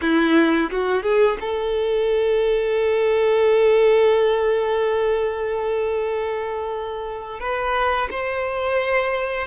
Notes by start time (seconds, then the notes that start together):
0.01 E4
0.71 F#4
1.03 G#4
1.40 A4
7.39 B4
8.10 C5